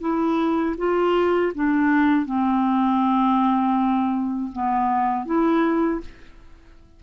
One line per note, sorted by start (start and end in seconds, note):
0.00 0.75 E4
0.77 1.52 F4
1.54 2.25 D4
2.25 4.50 C4
4.52 5.25 B3
5.25 6.00 E4